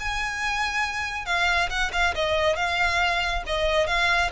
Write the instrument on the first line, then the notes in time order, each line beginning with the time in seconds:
violin
0.00 G#5
1.26 F5
1.70 F#5
1.93 F5
2.15 D#5
2.56 F5
3.47 D#5
3.87 F5